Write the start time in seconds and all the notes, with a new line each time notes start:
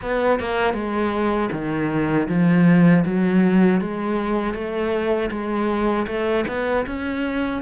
0.02 B3
0.39 A#3
0.73 G#3
1.52 D#3
2.28 F3
3.05 F#3
3.80 G#3
4.54 A3
5.30 G#3
6.07 A3
6.47 B3
6.86 C#4